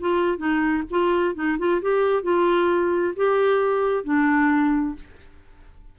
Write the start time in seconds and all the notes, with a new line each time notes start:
0.00 F4
0.38 D#4
0.90 F4
1.35 D#4
1.58 F4
1.82 G4
2.23 F4
3.16 G4
4.04 D4